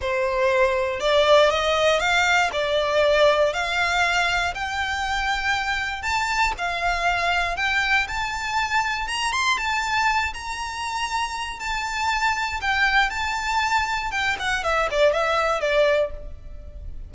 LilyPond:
\new Staff \with { instrumentName = "violin" } { \time 4/4 \tempo 4 = 119 c''2 d''4 dis''4 | f''4 d''2 f''4~ | f''4 g''2. | a''4 f''2 g''4 |
a''2 ais''8 c'''8 a''4~ | a''8 ais''2~ ais''8 a''4~ | a''4 g''4 a''2 | g''8 fis''8 e''8 d''8 e''4 d''4 | }